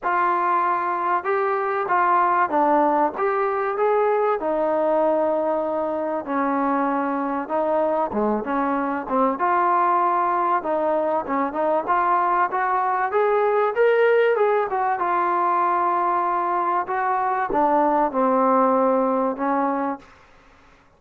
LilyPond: \new Staff \with { instrumentName = "trombone" } { \time 4/4 \tempo 4 = 96 f'2 g'4 f'4 | d'4 g'4 gis'4 dis'4~ | dis'2 cis'2 | dis'4 gis8 cis'4 c'8 f'4~ |
f'4 dis'4 cis'8 dis'8 f'4 | fis'4 gis'4 ais'4 gis'8 fis'8 | f'2. fis'4 | d'4 c'2 cis'4 | }